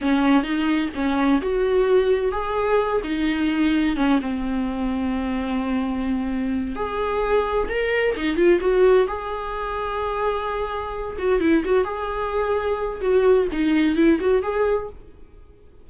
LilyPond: \new Staff \with { instrumentName = "viola" } { \time 4/4 \tempo 4 = 129 cis'4 dis'4 cis'4 fis'4~ | fis'4 gis'4. dis'4.~ | dis'8 cis'8 c'2.~ | c'2~ c'8 gis'4.~ |
gis'8 ais'4 dis'8 f'8 fis'4 gis'8~ | gis'1 | fis'8 e'8 fis'8 gis'2~ gis'8 | fis'4 dis'4 e'8 fis'8 gis'4 | }